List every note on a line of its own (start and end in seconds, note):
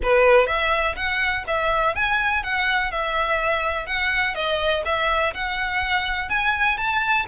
0.02 0.47 B4
0.47 0.95 E5
0.95 1.44 F#5
1.47 1.95 E5
1.95 2.43 G#5
2.43 2.91 F#5
2.91 3.86 E5
3.86 4.34 F#5
4.34 4.83 D#5
4.85 5.33 E5
5.34 6.29 F#5
6.29 6.77 G#5
6.77 7.26 A5